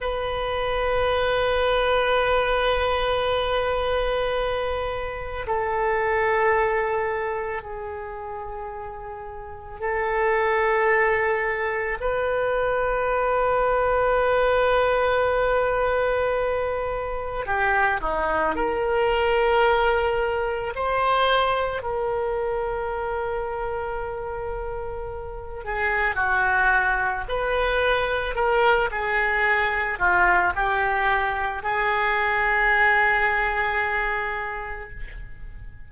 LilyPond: \new Staff \with { instrumentName = "oboe" } { \time 4/4 \tempo 4 = 55 b'1~ | b'4 a'2 gis'4~ | gis'4 a'2 b'4~ | b'1 |
g'8 dis'8 ais'2 c''4 | ais'2.~ ais'8 gis'8 | fis'4 b'4 ais'8 gis'4 f'8 | g'4 gis'2. | }